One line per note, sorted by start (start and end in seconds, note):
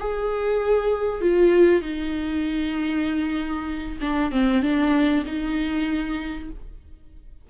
0.00 1.22 G#4
1.22 1.82 F4
1.82 3.98 D#4
4.01 4.32 D4
4.32 4.63 C4
4.63 5.24 D4
5.26 6.50 D#4